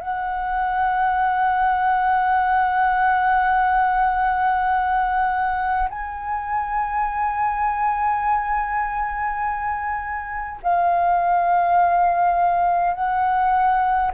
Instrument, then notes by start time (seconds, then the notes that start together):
flute
0.00 F#5
5.89 G#5
10.63 F5
12.94 F#5